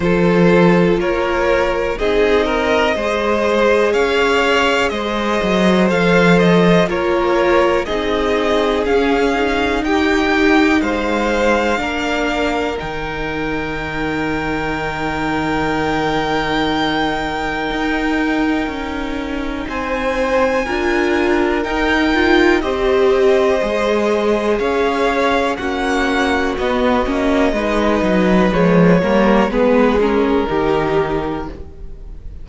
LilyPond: <<
  \new Staff \with { instrumentName = "violin" } { \time 4/4 \tempo 4 = 61 c''4 cis''4 dis''2 | f''4 dis''4 f''8 dis''8 cis''4 | dis''4 f''4 g''4 f''4~ | f''4 g''2.~ |
g''1 | gis''2 g''4 dis''4~ | dis''4 f''4 fis''4 dis''4~ | dis''4 cis''4 b'8 ais'4. | }
  \new Staff \with { instrumentName = "violin" } { \time 4/4 a'4 ais'4 gis'8 ais'8 c''4 | cis''4 c''2 ais'4 | gis'2 g'4 c''4 | ais'1~ |
ais'1 | c''4 ais'2 c''4~ | c''4 cis''4 fis'2 | b'4. ais'8 gis'4 g'4 | }
  \new Staff \with { instrumentName = "viola" } { \time 4/4 f'2 dis'4 gis'4~ | gis'2 a'4 f'4 | dis'4 cis'8 dis'2~ dis'8 | d'4 dis'2.~ |
dis'1~ | dis'4 f'4 dis'8 f'8 g'4 | gis'2 cis'4 b8 cis'8 | dis'4 gis8 ais8 b8 cis'8 dis'4 | }
  \new Staff \with { instrumentName = "cello" } { \time 4/4 f4 ais4 c'4 gis4 | cis'4 gis8 fis8 f4 ais4 | c'4 cis'4 dis'4 gis4 | ais4 dis2.~ |
dis2 dis'4 cis'4 | c'4 d'4 dis'4 c'4 | gis4 cis'4 ais4 b8 ais8 | gis8 fis8 f8 g8 gis4 dis4 | }
>>